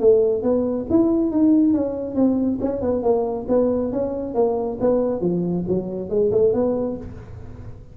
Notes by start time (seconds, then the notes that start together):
0.00 A3
0.42 B3
0.90 E4
1.31 D#4
1.74 C#4
2.15 C4
2.61 C#4
2.81 B3
3.03 A#3
3.48 B3
3.92 C#4
4.35 A#3
4.80 B3
5.21 F3
5.68 F#3
6.10 G#3
6.32 A3
6.53 B3